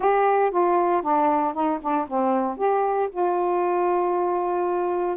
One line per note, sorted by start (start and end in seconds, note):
0.00 0.50 G4
0.50 1.01 F4
1.01 1.53 D4
1.53 1.79 D#4
1.81 2.07 D4
2.07 2.57 C4
2.57 3.09 G4
3.11 5.17 F4